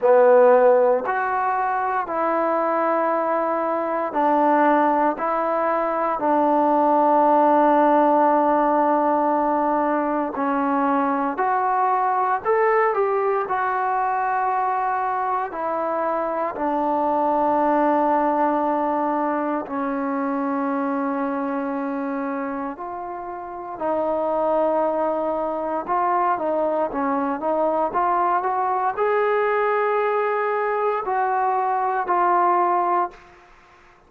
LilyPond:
\new Staff \with { instrumentName = "trombone" } { \time 4/4 \tempo 4 = 58 b4 fis'4 e'2 | d'4 e'4 d'2~ | d'2 cis'4 fis'4 | a'8 g'8 fis'2 e'4 |
d'2. cis'4~ | cis'2 f'4 dis'4~ | dis'4 f'8 dis'8 cis'8 dis'8 f'8 fis'8 | gis'2 fis'4 f'4 | }